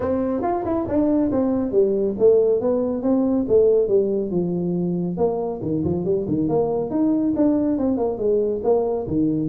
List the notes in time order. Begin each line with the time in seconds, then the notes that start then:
0.00 C4
0.42 F4
0.65 E4
0.88 D4
1.31 C4
1.71 G3
2.18 A3
2.60 B3
3.02 C4
3.48 A3
3.88 G3
4.30 F3
5.17 A#3
5.61 D#3
5.84 F3
6.04 G3
6.28 D#3
6.48 A#3
6.90 D#4
7.36 D4
7.78 C4
7.97 A#3
8.18 G#3
8.63 A#3
9.07 D#3